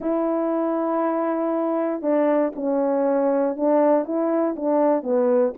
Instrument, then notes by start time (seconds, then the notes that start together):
horn
0.00 E4
2.02 D4
2.55 C#4
3.56 D4
4.05 E4
4.56 D4
5.02 B3